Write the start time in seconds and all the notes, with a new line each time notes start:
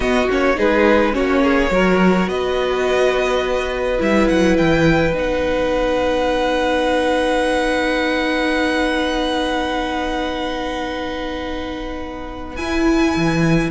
0.00 B3 F#4 D#5
0.29 A#3 C#4 C#5
0.55 G#3 D#4 G#4 B4
1.12 A#3 C#4 F#4 C#5
1.43 G#4
1.70 F#3 F#4 A#4
2.27 B3 B4 D#5
3.98 G3 E4 E5
4.27 F#3 F#5
4.57 E3 G5
5.12 B3 D#4 F#5
12.55 E4 G#5
13.16 E3